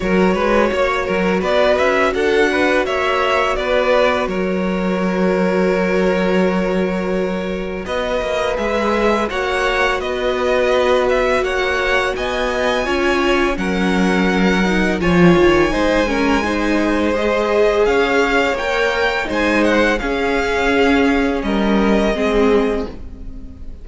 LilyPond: <<
  \new Staff \with { instrumentName = "violin" } { \time 4/4 \tempo 4 = 84 cis''2 d''8 e''8 fis''4 | e''4 d''4 cis''2~ | cis''2. dis''4 | e''4 fis''4 dis''4. e''8 |
fis''4 gis''2 fis''4~ | fis''4 gis''2. | dis''4 f''4 g''4 gis''8 fis''8 | f''2 dis''2 | }
  \new Staff \with { instrumentName = "violin" } { \time 4/4 ais'8 b'8 cis''8 ais'8 b'4 a'8 b'8 | cis''4 b'4 ais'2~ | ais'2. b'4~ | b'4 cis''4 b'2 |
cis''4 dis''4 cis''4 ais'4~ | ais'4 cis''4 c''8 ais'8 c''4~ | c''4 cis''2 c''4 | gis'2 ais'4 gis'4 | }
  \new Staff \with { instrumentName = "viola" } { \time 4/4 fis'1~ | fis'1~ | fis'1 | gis'4 fis'2.~ |
fis'2 f'4 cis'4~ | cis'8 dis'8 f'4 dis'8 cis'8 dis'4 | gis'2 ais'4 dis'4 | cis'2. c'4 | }
  \new Staff \with { instrumentName = "cello" } { \time 4/4 fis8 gis8 ais8 fis8 b8 cis'8 d'4 | ais4 b4 fis2~ | fis2. b8 ais8 | gis4 ais4 b2 |
ais4 b4 cis'4 fis4~ | fis4 f8 dis8 gis2~ | gis4 cis'4 ais4 gis4 | cis'2 g4 gis4 | }
>>